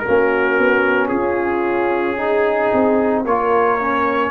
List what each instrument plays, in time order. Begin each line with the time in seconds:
0.00 trombone C#4, horn F#4, trumpet A#4
0.08 tuba A#3
0.59 tuba B3
1.08 tuba C#4, horn F4, trumpet G#4
2.15 trombone D#4, horn G#4
2.74 tuba C4
3.25 tuba A#3, trombone F4, horn A#4, trumpet C#5
3.81 trombone C#4